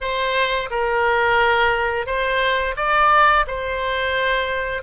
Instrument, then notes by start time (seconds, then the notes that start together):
oboe
0.00 C5
0.70 A#4
2.06 C5
2.76 D5
3.47 C5